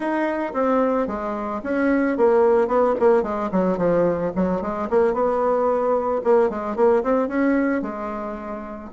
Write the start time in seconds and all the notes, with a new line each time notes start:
0.00 D#4
0.53 C4
1.07 G#3
1.63 C#4
2.17 A#3
2.67 B3
2.99 A#3
3.23 G#3
3.51 F#3
3.77 F3
4.35 F#3
4.61 G#3
4.90 A#3
5.13 B3
6.23 A#3
6.49 G#3
6.75 A#3
7.03 C4
7.28 C#4
7.82 G#3